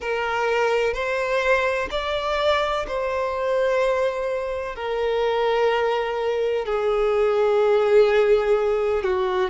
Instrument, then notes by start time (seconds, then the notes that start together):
violin
0.00 A#4
0.93 C5
1.90 D5
2.87 C5
4.75 A#4
6.65 G#4
9.03 F#4